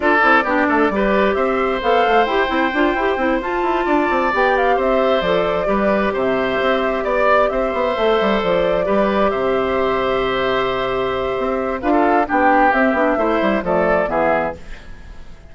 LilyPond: <<
  \new Staff \with { instrumentName = "flute" } { \time 4/4 \tempo 4 = 132 d''2. e''4 | f''4 g''2~ g''8 a''8~ | a''4. g''8 f''8 e''4 d''8~ | d''4. e''2 d''8~ |
d''8 e''2 d''4.~ | d''8 e''2.~ e''8~ | e''2 f''4 g''4 | e''2 d''4 e''4 | }
  \new Staff \with { instrumentName = "oboe" } { \time 4/4 a'4 g'8 a'8 b'4 c''4~ | c''1~ | c''8 d''2 c''4.~ | c''8 b'4 c''2 d''8~ |
d''8 c''2. b'8~ | b'8 c''2.~ c''8~ | c''2 b'16 a'8. g'4~ | g'4 c''4 a'4 gis'4 | }
  \new Staff \with { instrumentName = "clarinet" } { \time 4/4 f'8 e'8 d'4 g'2 | a'4 g'8 e'8 f'8 g'8 e'8 f'8~ | f'4. g'2 a'8~ | a'8 g'2.~ g'8~ |
g'4. a'2 g'8~ | g'1~ | g'2 f'4 d'4 | c'8 d'8 e'4 a4 b4 | }
  \new Staff \with { instrumentName = "bassoon" } { \time 4/4 d'8 c'8 b8 a8 g4 c'4 | b8 a8 e'8 c'8 d'8 e'8 c'8 f'8 | e'8 d'8 c'8 b4 c'4 f8~ | f8 g4 c4 c'4 b8~ |
b8 c'8 b8 a8 g8 f4 g8~ | g8 c2.~ c8~ | c4 c'4 d'4 b4 | c'8 b8 a8 g8 f4 e4 | }
>>